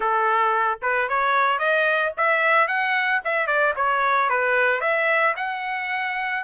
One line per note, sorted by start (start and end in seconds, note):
0.00 0.79 A4
0.82 1.08 B4
1.09 1.59 C#5
1.59 2.12 D#5
2.17 2.67 E5
2.67 3.21 F#5
3.24 3.47 E5
3.47 3.73 D5
3.75 4.29 C#5
4.29 4.81 B4
4.81 5.34 E5
5.36 6.43 F#5